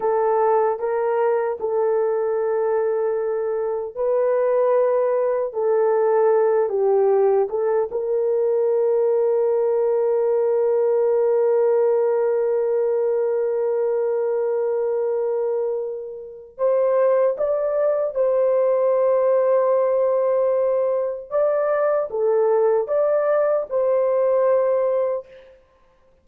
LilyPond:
\new Staff \with { instrumentName = "horn" } { \time 4/4 \tempo 4 = 76 a'4 ais'4 a'2~ | a'4 b'2 a'4~ | a'8 g'4 a'8 ais'2~ | ais'1~ |
ais'1~ | ais'4 c''4 d''4 c''4~ | c''2. d''4 | a'4 d''4 c''2 | }